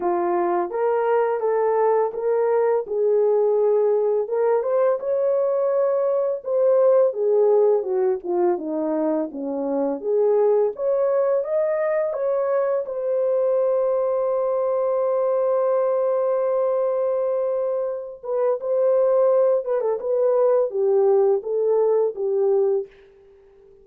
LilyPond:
\new Staff \with { instrumentName = "horn" } { \time 4/4 \tempo 4 = 84 f'4 ais'4 a'4 ais'4 | gis'2 ais'8 c''8 cis''4~ | cis''4 c''4 gis'4 fis'8 f'8 | dis'4 cis'4 gis'4 cis''4 |
dis''4 cis''4 c''2~ | c''1~ | c''4. b'8 c''4. b'16 a'16 | b'4 g'4 a'4 g'4 | }